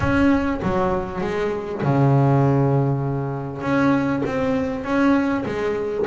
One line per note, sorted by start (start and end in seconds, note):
0.00 0.60 C#4
0.62 1.21 F#3
1.21 1.81 G#3
1.82 3.61 C#3
3.61 4.22 C#4
4.25 4.83 C4
4.83 5.44 C#4
5.45 6.06 G#3